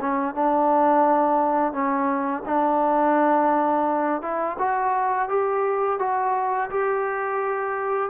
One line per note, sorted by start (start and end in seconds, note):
0.00 0.34 C#4
0.34 1.72 D4
1.72 2.43 C#4
2.45 4.21 D4
4.21 4.57 E4
4.58 5.28 F#4
5.28 5.99 G4
5.99 6.69 F#4
6.70 8.10 G4